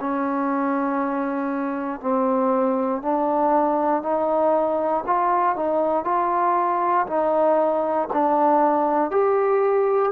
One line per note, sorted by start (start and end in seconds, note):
0.00 2.00 C#4
2.00 3.02 C4
3.02 4.02 D4
4.02 5.04 D#4
5.06 5.56 F4
5.56 6.05 D#4
6.05 7.06 F4
7.07 8.08 D#4
8.13 9.11 D4
9.11 10.12 G4